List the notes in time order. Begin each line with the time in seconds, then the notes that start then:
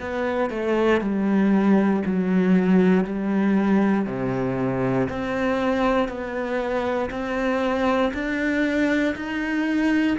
0.00 B3
0.50 A3
1.01 G3
2.05 F#3
3.04 G3
4.06 C3
5.09 C4
6.08 B3
7.10 C4
8.14 D4
9.15 D#4